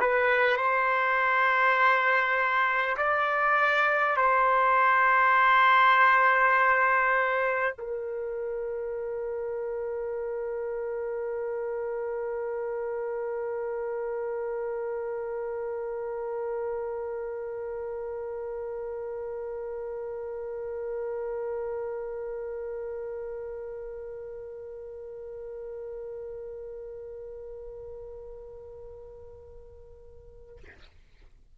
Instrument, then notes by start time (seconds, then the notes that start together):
trumpet
0.00 B4
0.57 C5
2.97 D5
4.16 C5
7.78 A#4